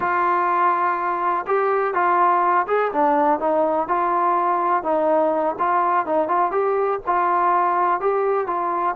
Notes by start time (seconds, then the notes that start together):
0.00 F4
1.46 G4
1.94 F4
2.67 G#4
2.92 D4
3.39 D#4
3.88 F4
4.83 D#4
5.58 F4
6.06 D#4
6.27 F4
6.51 G4
7.06 F4
8.00 G4
8.46 F4